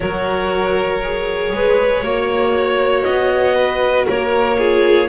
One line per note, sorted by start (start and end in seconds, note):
0.00 1.52 F#3
0.00 1.01 F#4
0.00 1.53 A#4
0.00 3.03 C#5
1.03 2.03 G#4
1.52 2.03 G#3
1.52 2.04 B4
2.03 3.05 A#3
2.03 4.57 F#4
2.03 3.55 C#5
3.03 4.07 B3
3.03 4.04 D#5
3.55 4.06 B4
4.06 5.08 A#3
4.06 4.57 A#4
4.06 5.08 C#5
4.58 5.08 F4
4.58 5.08 G#4